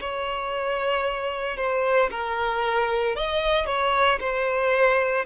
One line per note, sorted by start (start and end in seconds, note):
0.00 1.57 C#5
1.57 2.10 C5
2.10 3.15 A#4
3.15 3.66 D#5
3.66 4.19 C#5
4.20 5.25 C5